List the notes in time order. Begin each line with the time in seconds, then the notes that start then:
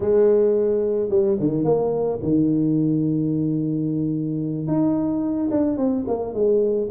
0.00 G#3
1.09 G3
1.39 D#3
1.64 A#3
2.22 D#3
4.67 D#4
5.50 D4
5.77 C4
6.07 A#3
6.33 G#3